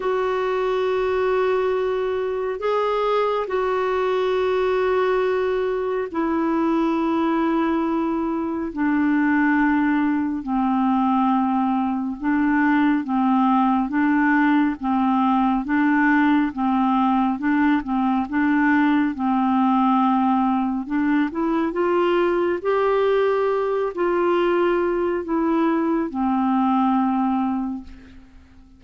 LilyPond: \new Staff \with { instrumentName = "clarinet" } { \time 4/4 \tempo 4 = 69 fis'2. gis'4 | fis'2. e'4~ | e'2 d'2 | c'2 d'4 c'4 |
d'4 c'4 d'4 c'4 | d'8 c'8 d'4 c'2 | d'8 e'8 f'4 g'4. f'8~ | f'4 e'4 c'2 | }